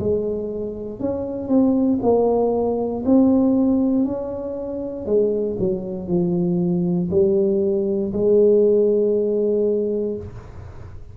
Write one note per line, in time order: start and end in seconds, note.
0.00 1.00 G#3
1.00 1.48 C#4
1.48 1.99 C4
2.02 3.04 A#3
3.06 4.05 C4
4.05 5.06 C#4
5.06 5.57 G#3
5.59 6.08 F#3
6.08 7.10 F3
7.11 8.13 G3
8.14 10.17 G#3